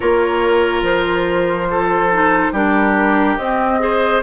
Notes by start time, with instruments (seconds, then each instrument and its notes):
0.00 bassoon A#3, clarinet F4, oboe A#4, flute C#5
0.82 bassoon F3, flute C5
1.70 oboe A4
2.11 clarinet D#4
2.51 bassoon G3, clarinet D4, oboe G4, flute A#4
3.36 bassoon C4, clarinet C4, flute D#5
3.79 clarinet G#4, oboe C5